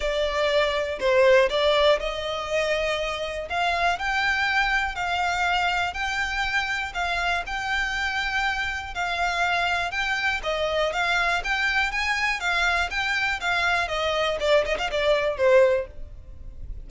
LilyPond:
\new Staff \with { instrumentName = "violin" } { \time 4/4 \tempo 4 = 121 d''2 c''4 d''4 | dis''2. f''4 | g''2 f''2 | g''2 f''4 g''4~ |
g''2 f''2 | g''4 dis''4 f''4 g''4 | gis''4 f''4 g''4 f''4 | dis''4 d''8 dis''16 f''16 d''4 c''4 | }